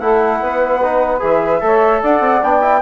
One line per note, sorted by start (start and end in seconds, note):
0.00 0.40 A3
0.00 0.81 E4
0.00 0.40 A4
0.00 1.21 F#5
0.41 1.22 B3
0.41 1.62 B4
0.82 1.19 D#4
1.19 1.62 E3
1.19 1.60 G#4
1.19 2.02 E5
1.60 2.02 A3
1.60 2.41 A4
1.60 2.01 C#5
2.01 2.20 D4
2.01 2.81 D5
2.01 2.43 F#5
2.20 2.40 C4
2.42 2.82 B3
2.42 2.61 D4
2.42 2.82 G5
2.61 2.81 E4